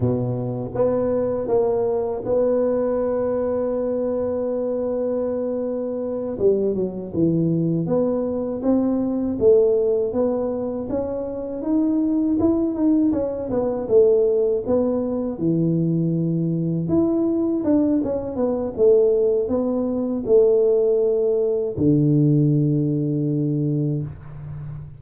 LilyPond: \new Staff \with { instrumentName = "tuba" } { \time 4/4 \tempo 4 = 80 b,4 b4 ais4 b4~ | b1~ | b8 g8 fis8 e4 b4 c'8~ | c'8 a4 b4 cis'4 dis'8~ |
dis'8 e'8 dis'8 cis'8 b8 a4 b8~ | b8 e2 e'4 d'8 | cis'8 b8 a4 b4 a4~ | a4 d2. | }